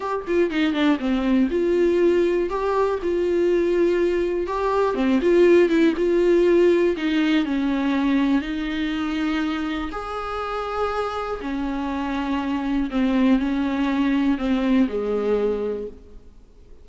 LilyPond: \new Staff \with { instrumentName = "viola" } { \time 4/4 \tempo 4 = 121 g'8 f'8 dis'8 d'8 c'4 f'4~ | f'4 g'4 f'2~ | f'4 g'4 c'8 f'4 e'8 | f'2 dis'4 cis'4~ |
cis'4 dis'2. | gis'2. cis'4~ | cis'2 c'4 cis'4~ | cis'4 c'4 gis2 | }